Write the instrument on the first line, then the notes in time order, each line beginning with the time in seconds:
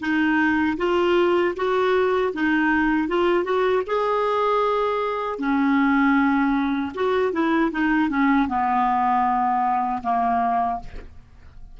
clarinet
0.00 D#4
0.77 F4
1.56 F#4
2.33 D#4
3.08 F4
3.44 F#4
3.86 G#4
5.38 C#4
6.94 F#4
7.32 E4
7.71 D#4
8.09 C#4
8.48 B3
10.02 A#3